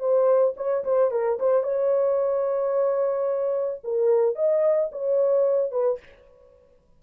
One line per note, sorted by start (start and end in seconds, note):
0.00 0.55 C5
0.57 0.84 C#5
0.85 1.11 C5
1.11 1.39 A#4
1.40 1.63 C5
1.63 3.81 C#5
3.84 4.36 A#4
4.36 4.90 D#5
4.92 5.72 C#5
5.72 5.99 B4